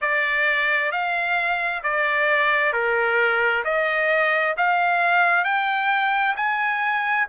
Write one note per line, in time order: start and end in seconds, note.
0.01 0.91 D5
0.91 1.82 F5
1.83 2.72 D5
2.72 3.63 A#4
3.64 4.55 D#5
4.57 5.44 F5
5.44 6.35 G5
6.36 7.27 G#5